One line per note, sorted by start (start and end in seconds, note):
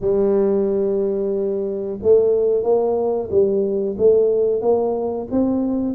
0.00 1.98 G3
2.02 2.63 A3
2.63 3.29 A#3
3.30 3.96 G3
3.97 4.61 A3
4.61 5.27 A#3
5.31 5.95 C4